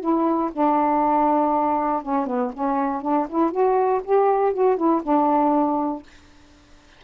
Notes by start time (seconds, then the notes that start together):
0.00 E4
0.52 D4
2.02 C#4
2.26 B3
2.53 C#4
3.01 D4
3.29 E4
3.51 F#4
4.04 G4
4.53 F#4
4.76 E4
5.02 D4